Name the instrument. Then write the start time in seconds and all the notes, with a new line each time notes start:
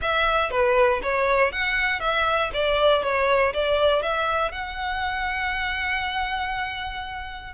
violin
0.01 E5
0.50 B4
1.02 C#5
1.51 F#5
2.00 E5
2.53 D5
3.03 C#5
3.53 D5
4.02 E5
4.51 F#5